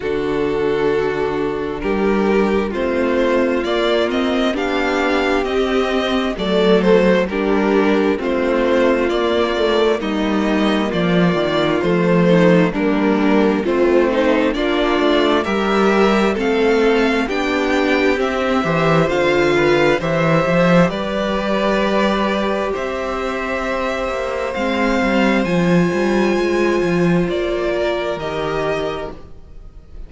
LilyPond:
<<
  \new Staff \with { instrumentName = "violin" } { \time 4/4 \tempo 4 = 66 a'2 ais'4 c''4 | d''8 dis''8 f''4 dis''4 d''8 c''8 | ais'4 c''4 d''4 dis''4 | d''4 c''4 ais'4 c''4 |
d''4 e''4 f''4 g''4 | e''4 f''4 e''4 d''4~ | d''4 e''2 f''4 | gis''2 d''4 dis''4 | }
  \new Staff \with { instrumentName = "violin" } { \time 4/4 fis'2 g'4 f'4~ | f'4 g'2 a'4 | g'4 f'2 dis'4 | f'4. dis'8 d'4 c'4 |
f'4 ais'4 a'4 g'4~ | g'8 c''4 b'8 c''4 b'4~ | b'4 c''2.~ | c''2~ c''8 ais'4. | }
  \new Staff \with { instrumentName = "viola" } { \time 4/4 d'2. c'4 | ais8 c'8 d'4 c'4 a4 | d'4 c'4 ais8 a8 ais4~ | ais4 a4 ais4 f'8 dis'8 |
d'4 g'4 c'4 d'4 | c'8 g'8 f'4 g'2~ | g'2. c'4 | f'2. g'4 | }
  \new Staff \with { instrumentName = "cello" } { \time 4/4 d2 g4 a4 | ais4 b4 c'4 fis4 | g4 a4 ais4 g4 | f8 dis8 f4 g4 a4 |
ais8 a8 g4 a4 b4 | c'8 e8 d4 e8 f8 g4~ | g4 c'4. ais8 gis8 g8 | f8 g8 gis8 f8 ais4 dis4 | }
>>